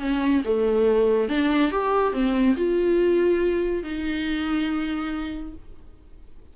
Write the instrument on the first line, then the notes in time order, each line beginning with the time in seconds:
viola
0.00 C#4
0.45 A3
1.29 D4
1.72 G4
2.13 C4
2.57 F4
3.84 D#4